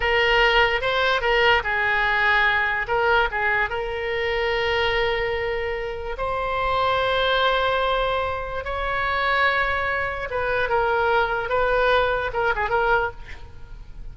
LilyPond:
\new Staff \with { instrumentName = "oboe" } { \time 4/4 \tempo 4 = 146 ais'2 c''4 ais'4 | gis'2. ais'4 | gis'4 ais'2.~ | ais'2. c''4~ |
c''1~ | c''4 cis''2.~ | cis''4 b'4 ais'2 | b'2 ais'8 gis'8 ais'4 | }